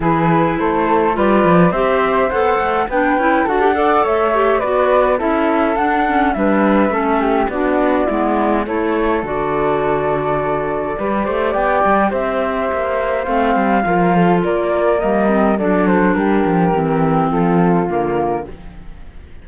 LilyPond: <<
  \new Staff \with { instrumentName = "flute" } { \time 4/4 \tempo 4 = 104 b'4 c''4 d''4 e''4 | fis''4 g''4 fis''4 e''4 | d''4 e''4 fis''4 e''4~ | e''4 d''2 cis''4 |
d''1 | g''4 e''2 f''4~ | f''4 d''4 dis''4 d''8 c''8 | ais'2 a'4 ais'4 | }
  \new Staff \with { instrumentName = "flute" } { \time 4/4 gis'4 a'4 b'4 c''4~ | c''4 b'4 a'8 d''8 cis''4 | b'4 a'2 b'4 | a'8 g'8 fis'4 e'4 a'4~ |
a'2. b'8 c''8 | d''4 c''2. | ais'8 a'8 ais'2 a'4 | g'2 f'2 | }
  \new Staff \with { instrumentName = "clarinet" } { \time 4/4 e'2 f'4 g'4 | a'4 d'8 e'8 fis'16 g'16 a'4 g'8 | fis'4 e'4 d'8 cis'8 d'4 | cis'4 d'4 b4 e'4 |
fis'2. g'4~ | g'2. c'4 | f'2 ais8 c'8 d'4~ | d'4 c'2 ais4 | }
  \new Staff \with { instrumentName = "cello" } { \time 4/4 e4 a4 g8 f8 c'4 | b8 a8 b8 cis'8 d'4 a4 | b4 cis'4 d'4 g4 | a4 b4 gis4 a4 |
d2. g8 a8 | b8 g8 c'4 ais4 a8 g8 | f4 ais4 g4 fis4 | g8 f8 e4 f4 d4 | }
>>